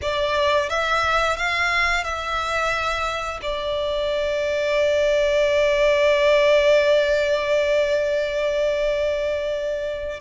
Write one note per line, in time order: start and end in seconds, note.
0.01 0.68 D5
0.68 1.36 E5
1.36 2.03 F5
2.03 3.40 E5
3.42 10.20 D5